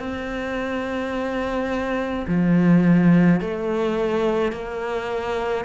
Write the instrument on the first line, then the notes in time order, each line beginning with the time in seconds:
cello
0.00 C4
2.28 F3
3.41 A3
4.53 A#3